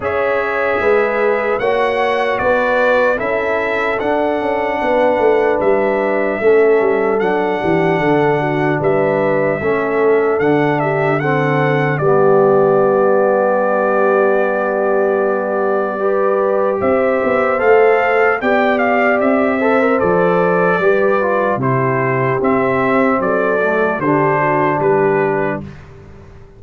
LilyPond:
<<
  \new Staff \with { instrumentName = "trumpet" } { \time 4/4 \tempo 4 = 75 e''2 fis''4 d''4 | e''4 fis''2 e''4~ | e''4 fis''2 e''4~ | e''4 fis''8 e''8 fis''4 d''4~ |
d''1~ | d''4 e''4 f''4 g''8 f''8 | e''4 d''2 c''4 | e''4 d''4 c''4 b'4 | }
  \new Staff \with { instrumentName = "horn" } { \time 4/4 cis''4 b'4 cis''4 b'4 | a'2 b'2 | a'4. g'8 a'8 fis'8 b'4 | a'4. g'8 a'4 g'4~ |
g'1 | b'4 c''2 d''4~ | d''8 c''4. b'4 g'4~ | g'4 a'4 g'8 fis'8 g'4 | }
  \new Staff \with { instrumentName = "trombone" } { \time 4/4 gis'2 fis'2 | e'4 d'2. | cis'4 d'2. | cis'4 d'4 c'4 b4~ |
b1 | g'2 a'4 g'4~ | g'8 a'16 ais'16 a'4 g'8 f'8 e'4 | c'4. a8 d'2 | }
  \new Staff \with { instrumentName = "tuba" } { \time 4/4 cis'4 gis4 ais4 b4 | cis'4 d'8 cis'8 b8 a8 g4 | a8 g8 fis8 e8 d4 g4 | a4 d2 g4~ |
g1~ | g4 c'8 b8 a4 b4 | c'4 f4 g4 c4 | c'4 fis4 d4 g4 | }
>>